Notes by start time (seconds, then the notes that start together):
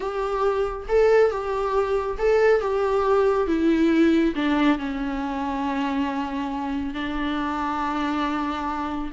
0.00 G4
0.88 A4
1.30 G4
2.18 A4
2.60 G4
3.47 E4
4.35 D4
4.78 C#4
6.93 D4